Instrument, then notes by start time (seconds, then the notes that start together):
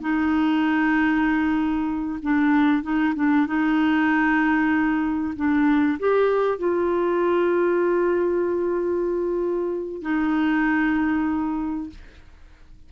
clarinet
0.00 D#4
2.22 D4
2.82 D#4
3.15 D4
3.46 D#4
5.36 D4
5.99 G4
6.58 F4
10.02 D#4